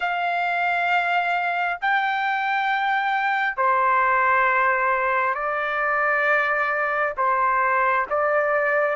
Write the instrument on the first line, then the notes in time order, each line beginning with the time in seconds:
trumpet
0.00 F5
1.81 G5
3.57 C5
5.34 D5
7.16 C5
8.10 D5